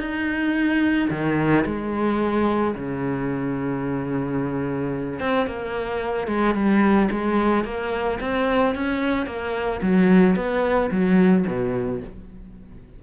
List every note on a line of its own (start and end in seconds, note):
0.00 1.09 D#4
1.10 1.65 D#3
1.66 2.75 G#3
2.75 5.20 C#3
5.20 5.47 C4
5.47 6.27 A#3
6.27 6.55 G#3
6.55 7.09 G3
7.11 7.65 G#3
7.65 8.19 A#3
8.21 8.75 C4
8.75 9.26 C#4
9.26 9.81 A#3
9.82 10.36 F#3
10.36 10.91 B3
10.91 11.45 F#3
11.47 12.02 B2